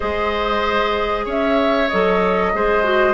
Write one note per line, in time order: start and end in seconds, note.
0.00 1.26 G#3
0.00 1.86 G#4
0.00 1.25 C5
0.00 1.26 D#5
1.25 1.89 C#4
1.25 2.51 C#5
1.25 1.88 E5
1.88 2.54 F#3
1.88 2.54 A4
1.88 3.13 D#5
2.54 3.13 G#3
2.54 2.83 G#4
2.54 3.13 C5
2.83 3.13 F#4